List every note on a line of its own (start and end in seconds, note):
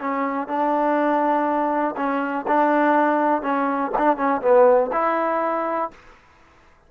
0.00 0.48 C#4
0.48 1.95 D4
1.96 2.46 C#4
2.47 3.42 D4
3.42 3.91 C#4
3.98 4.17 D4
4.17 4.41 C#4
4.42 4.91 B3
4.92 5.91 E4